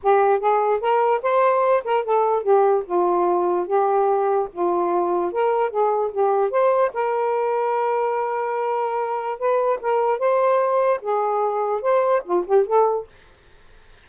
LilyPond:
\new Staff \with { instrumentName = "saxophone" } { \time 4/4 \tempo 4 = 147 g'4 gis'4 ais'4 c''4~ | c''8 ais'8 a'4 g'4 f'4~ | f'4 g'2 f'4~ | f'4 ais'4 gis'4 g'4 |
c''4 ais'2.~ | ais'2. b'4 | ais'4 c''2 gis'4~ | gis'4 c''4 f'8 g'8 a'4 | }